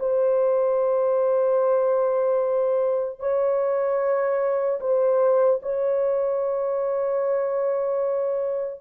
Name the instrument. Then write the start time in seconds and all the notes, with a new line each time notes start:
horn
0.00 C5
3.20 C#5
4.81 C5
5.63 C#5